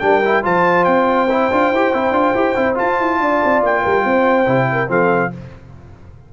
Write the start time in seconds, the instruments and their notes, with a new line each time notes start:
0.00 tuba G3, trombone D4, horn A#4, trumpet G5
0.26 trombone E4
0.44 tuba F3, trombone F4, horn C5, trumpet A5
0.85 tuba C4, trumpet G5
1.30 trombone E4
1.52 tuba D4, trombone F4
1.72 tuba E4, trombone G4
1.94 tuba C4, trombone E4
2.12 tuba D4, trombone F4
2.35 tuba E4, trombone G4
2.56 tuba C4, trombone E4
2.75 trombone F4, tuba F4, trumpet A5
3.00 tuba E4
3.20 tuba D4, horn D5
3.45 tuba C4
3.63 tuba A#3, trumpet G5
3.83 tuba G3, horn A#4
4.05 tuba C4, horn C5
4.46 tuba C3, trombone E4
4.72 horn A#4
4.88 tuba F3, trombone C4, horn A4, trumpet F5